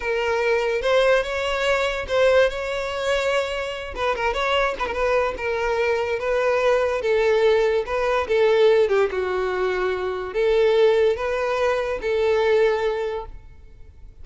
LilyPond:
\new Staff \with { instrumentName = "violin" } { \time 4/4 \tempo 4 = 145 ais'2 c''4 cis''4~ | cis''4 c''4 cis''2~ | cis''4. b'8 ais'8 cis''4 b'16 ais'16 | b'4 ais'2 b'4~ |
b'4 a'2 b'4 | a'4. g'8 fis'2~ | fis'4 a'2 b'4~ | b'4 a'2. | }